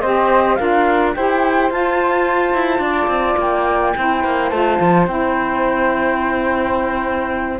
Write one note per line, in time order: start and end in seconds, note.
0.00 0.58 C4
0.00 0.58 G4
0.00 0.57 C5
0.00 0.55 D#5
0.55 1.15 D4
0.55 1.14 F4
0.55 1.14 A#4
0.55 1.11 F5
1.15 1.70 E4
1.15 1.70 G4
1.15 2.82 C5
1.15 1.71 G5
1.70 2.54 F4
1.70 3.95 F4
1.70 3.40 A5
2.54 2.78 E4
2.78 3.06 D4
2.78 3.94 D5
3.07 3.35 C4
3.37 3.93 A#3
3.37 4.49 G5
3.96 4.24 C4
3.96 4.52 E4
3.96 7.59 C5
4.24 4.51 A#3
4.49 4.79 A3
4.49 5.07 F4
4.49 5.05 A5
4.80 5.06 F3
5.06 7.59 C4
5.06 7.59 E4
5.06 7.59 G5